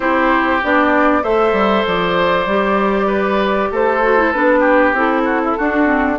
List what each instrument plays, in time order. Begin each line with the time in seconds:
0.00 bassoon C4, clarinet E4, oboe G4, flute C5
0.63 bassoon B3, clarinet D4, flute D5
1.22 bassoon A3, clarinet A4, oboe C5, flute E5
1.52 bassoon G3
1.86 bassoon F3, flute D5
2.45 bassoon G3, clarinet G4
3.06 oboe B4
3.71 bassoon A3, oboe A4, flute C5
4.02 clarinet F#4
4.17 clarinet E4
4.32 bassoon B3, clarinet D4, flute B4
4.59 oboe G4
4.92 bassoon C4, clarinet E4, flute A4
5.25 oboe F#4
5.44 oboe E4
5.57 clarinet D4, bassoon D4, oboe F#4
5.84 clarinet C4